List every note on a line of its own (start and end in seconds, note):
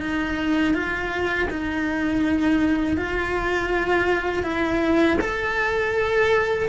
0.00 0.74 D#4
0.74 1.48 F4
1.50 2.97 D#4
2.97 4.43 F4
4.43 5.17 E4
5.21 6.68 A4